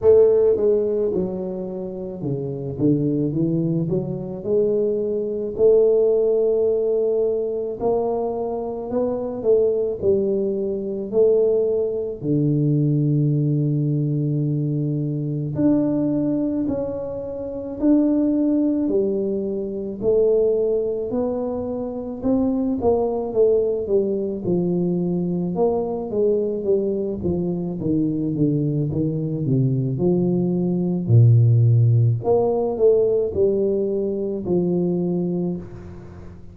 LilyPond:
\new Staff \with { instrumentName = "tuba" } { \time 4/4 \tempo 4 = 54 a8 gis8 fis4 cis8 d8 e8 fis8 | gis4 a2 ais4 | b8 a8 g4 a4 d4~ | d2 d'4 cis'4 |
d'4 g4 a4 b4 | c'8 ais8 a8 g8 f4 ais8 gis8 | g8 f8 dis8 d8 dis8 c8 f4 | ais,4 ais8 a8 g4 f4 | }